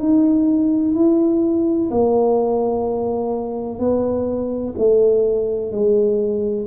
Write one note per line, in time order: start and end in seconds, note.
0.00 0.95 D#4
0.95 1.90 E4
1.91 3.79 A#3
3.79 4.74 B3
4.78 5.72 A3
5.72 6.68 G#3